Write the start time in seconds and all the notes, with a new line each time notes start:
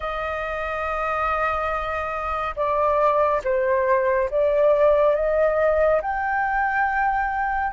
0.00 D#5
2.56 D5
3.44 C5
4.30 D5
5.15 D#5
6.01 G5